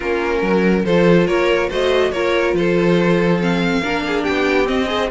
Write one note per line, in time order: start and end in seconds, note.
0.00 0.41 A#3
0.00 0.86 C#4
0.00 0.40 F4
0.00 0.83 A#4
0.41 0.84 F#3
0.41 0.85 A#4
0.84 1.27 F3
0.84 1.70 F4
0.84 1.27 A4
0.84 1.27 C5
1.27 1.70 A#3
1.27 1.68 A#4
1.27 1.70 C#5
1.68 2.12 A3
1.68 2.13 F#4
1.68 2.11 C5
1.68 2.11 D#5
2.11 2.53 A#3
2.11 3.40 F4
2.11 2.57 A#4
2.11 2.54 C#5
2.53 3.81 F3
2.53 3.82 A4
2.53 3.41 C5
3.40 3.82 C4
3.40 4.24 F5
3.82 4.27 A#3
3.82 4.65 D4
3.82 4.03 A#4
4.06 4.22 G#4
4.22 4.69 B3
4.22 4.86 G4
4.22 4.66 G5
4.65 4.86 C4
4.65 5.10 C4
4.65 5.10 D#5
4.86 5.08 G#4
4.86 5.10 C5